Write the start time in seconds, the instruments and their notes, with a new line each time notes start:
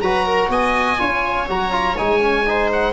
0.00 tuba F#3, trombone F#4, viola B4, oboe A#5
0.26 viola A#4
0.48 tuba B3, viola D#5, oboe G#5
0.98 tuba C#4, trombone F4, viola C#5
1.47 tuba F#3, trombone F#4, oboe A#5
1.71 trombone F4
1.97 tuba G#3, trombone D#4, oboe G#5
2.20 trombone C#4
2.45 trombone D#4, viola C5
2.72 oboe F#5